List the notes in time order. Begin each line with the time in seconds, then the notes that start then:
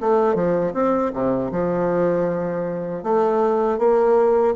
0.00 A3
0.35 F3
0.73 C4
1.13 C3
1.52 F3
3.03 A3
3.78 A#3